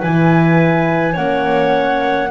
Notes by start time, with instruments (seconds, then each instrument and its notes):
0.00 double bass E3, horn E4, clarinet B4, flute G#5
1.13 double bass A#3, horn C#4, clarinet C#5, flute F#5